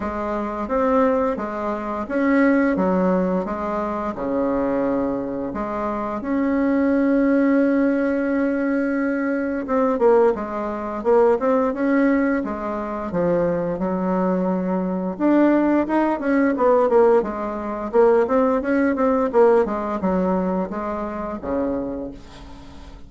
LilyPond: \new Staff \with { instrumentName = "bassoon" } { \time 4/4 \tempo 4 = 87 gis4 c'4 gis4 cis'4 | fis4 gis4 cis2 | gis4 cis'2.~ | cis'2 c'8 ais8 gis4 |
ais8 c'8 cis'4 gis4 f4 | fis2 d'4 dis'8 cis'8 | b8 ais8 gis4 ais8 c'8 cis'8 c'8 | ais8 gis8 fis4 gis4 cis4 | }